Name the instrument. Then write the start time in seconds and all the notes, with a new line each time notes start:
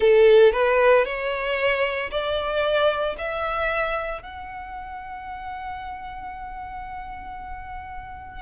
violin
0.00 A4
0.52 B4
1.05 C#5
2.11 D5
3.18 E5
4.22 F#5